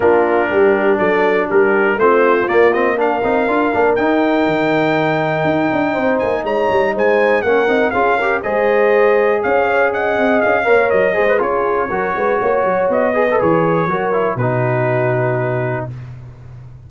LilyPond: <<
  \new Staff \with { instrumentName = "trumpet" } { \time 4/4 \tempo 4 = 121 ais'2 d''4 ais'4 | c''4 d''8 dis''8 f''2 | g''1~ | g''8 gis''8 ais''4 gis''4 fis''4 |
f''4 dis''2 f''4 | fis''4 f''4 dis''4 cis''4~ | cis''2 dis''4 cis''4~ | cis''4 b'2. | }
  \new Staff \with { instrumentName = "horn" } { \time 4/4 f'4 g'4 a'4 g'4 | f'2 ais'2~ | ais'1 | c''4 cis''4 c''4 ais'4 |
gis'8 ais'8 c''2 cis''4 | dis''4. cis''4 c''8 gis'4 | ais'8 b'8 cis''4. b'4. | ais'4 fis'2. | }
  \new Staff \with { instrumentName = "trombone" } { \time 4/4 d'1 | c'4 ais8 c'8 d'8 dis'8 f'8 d'8 | dis'1~ | dis'2. cis'8 dis'8 |
f'8 g'8 gis'2.~ | gis'4. ais'4 gis'16 b'16 f'4 | fis'2~ fis'8 gis'16 a'16 gis'4 | fis'8 e'8 dis'2. | }
  \new Staff \with { instrumentName = "tuba" } { \time 4/4 ais4 g4 fis4 g4 | a4 ais4. c'8 d'8 ais8 | dis'4 dis2 dis'8 d'8 | c'8 ais8 gis8 g8 gis4 ais8 c'8 |
cis'4 gis2 cis'4~ | cis'8 c'8 cis'8 ais8 fis8 gis8 cis'4 | fis8 gis8 ais8 fis8 b4 e4 | fis4 b,2. | }
>>